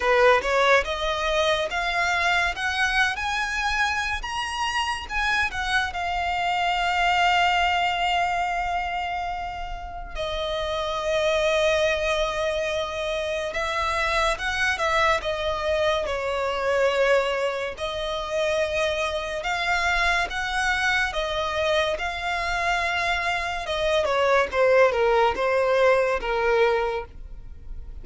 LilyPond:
\new Staff \with { instrumentName = "violin" } { \time 4/4 \tempo 4 = 71 b'8 cis''8 dis''4 f''4 fis''8. gis''16~ | gis''4 ais''4 gis''8 fis''8 f''4~ | f''1 | dis''1 |
e''4 fis''8 e''8 dis''4 cis''4~ | cis''4 dis''2 f''4 | fis''4 dis''4 f''2 | dis''8 cis''8 c''8 ais'8 c''4 ais'4 | }